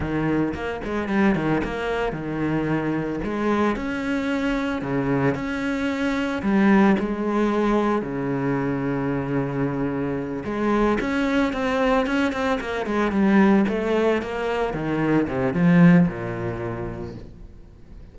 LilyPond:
\new Staff \with { instrumentName = "cello" } { \time 4/4 \tempo 4 = 112 dis4 ais8 gis8 g8 dis8 ais4 | dis2 gis4 cis'4~ | cis'4 cis4 cis'2 | g4 gis2 cis4~ |
cis2.~ cis8 gis8~ | gis8 cis'4 c'4 cis'8 c'8 ais8 | gis8 g4 a4 ais4 dis8~ | dis8 c8 f4 ais,2 | }